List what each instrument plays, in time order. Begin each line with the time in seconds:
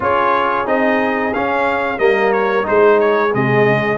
0.00 tuba C#4, trombone F4, horn G#4, trumpet C#5
0.65 tuba C4, trombone D#4, trumpet D#5
1.33 trombone C#4, tuba C#4, trumpet F5
1.98 tuba G3, trombone A#3, horn A#4, trumpet D#5
2.32 trumpet C#5
2.62 trombone D#4, horn G#4, trumpet C5
2.69 tuba G#3
3.00 trumpet C#5
3.33 tuba C3, trombone G#3, trumpet D#5
3.67 tuba C#3